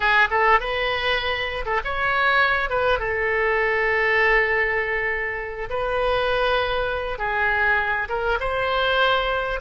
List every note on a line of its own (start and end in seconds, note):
0.00 0.28 G#4
0.30 0.60 A4
0.60 1.65 B4
1.65 1.80 A4
1.84 2.69 C#5
2.69 2.99 B4
2.99 5.69 A4
5.69 7.18 B4
7.18 8.08 G#4
8.08 8.38 A#4
8.40 9.60 C5